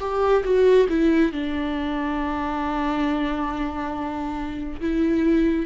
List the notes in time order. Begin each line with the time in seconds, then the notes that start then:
0.00 G4
0.44 F#4
0.89 E4
1.32 D4
4.81 E4